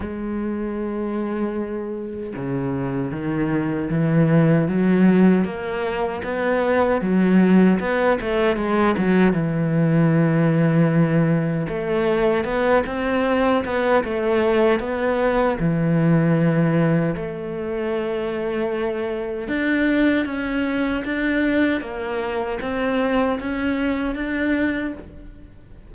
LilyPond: \new Staff \with { instrumentName = "cello" } { \time 4/4 \tempo 4 = 77 gis2. cis4 | dis4 e4 fis4 ais4 | b4 fis4 b8 a8 gis8 fis8 | e2. a4 |
b8 c'4 b8 a4 b4 | e2 a2~ | a4 d'4 cis'4 d'4 | ais4 c'4 cis'4 d'4 | }